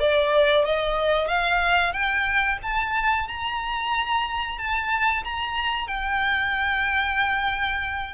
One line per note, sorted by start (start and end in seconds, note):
0.00 0.65 D5
0.65 1.28 D#5
1.28 1.93 F5
1.93 2.58 G5
2.63 3.28 A5
3.28 4.59 A#5
4.59 5.24 A5
5.25 5.88 A#5
5.88 8.15 G5